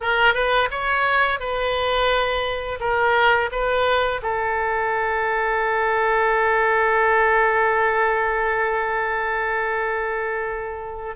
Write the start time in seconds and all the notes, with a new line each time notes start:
0.00 A#4
0.34 B4
0.70 C#5
1.39 B4
2.80 A#4
3.51 B4
4.22 A4